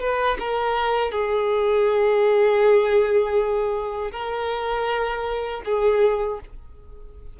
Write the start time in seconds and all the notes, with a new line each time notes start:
0.00 B4
0.40 A#4
1.11 G#4
4.12 A#4
5.65 G#4